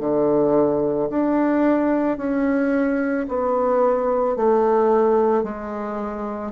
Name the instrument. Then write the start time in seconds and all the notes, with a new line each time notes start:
bassoon
0.00 D3
1.10 D4
2.18 C#4
3.28 B3
4.36 A3
5.43 G#3